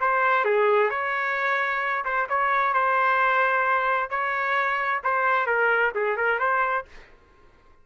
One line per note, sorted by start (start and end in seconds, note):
0.00 0.45 C5
0.45 0.90 G#4
0.90 2.04 C#5
2.04 2.27 C5
2.29 2.73 C#5
2.73 4.10 C5
4.10 5.01 C#5
5.03 5.46 C5
5.46 5.92 A#4
5.94 6.17 G#4
6.17 6.39 A#4
6.39 6.85 C5